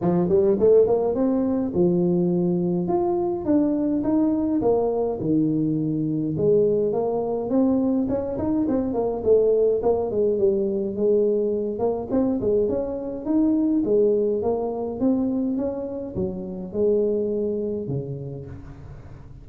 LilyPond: \new Staff \with { instrumentName = "tuba" } { \time 4/4 \tempo 4 = 104 f8 g8 a8 ais8 c'4 f4~ | f4 f'4 d'4 dis'4 | ais4 dis2 gis4 | ais4 c'4 cis'8 dis'8 c'8 ais8 |
a4 ais8 gis8 g4 gis4~ | gis8 ais8 c'8 gis8 cis'4 dis'4 | gis4 ais4 c'4 cis'4 | fis4 gis2 cis4 | }